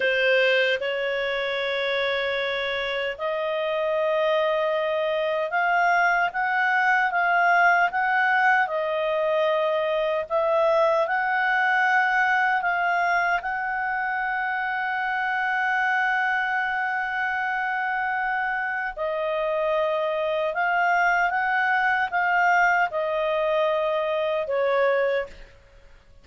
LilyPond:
\new Staff \with { instrumentName = "clarinet" } { \time 4/4 \tempo 4 = 76 c''4 cis''2. | dis''2. f''4 | fis''4 f''4 fis''4 dis''4~ | dis''4 e''4 fis''2 |
f''4 fis''2.~ | fis''1 | dis''2 f''4 fis''4 | f''4 dis''2 cis''4 | }